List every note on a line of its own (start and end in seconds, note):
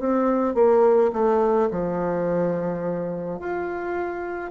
0.00 0.55 C4
0.55 1.12 A#3
1.13 1.70 A3
1.71 3.40 F3
3.40 4.52 F4